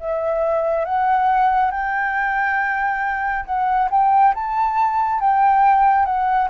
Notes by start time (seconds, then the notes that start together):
0.00 E5
0.85 F#5
1.71 G5
3.45 F#5
3.91 G5
4.35 A5
5.20 G5
6.05 F#5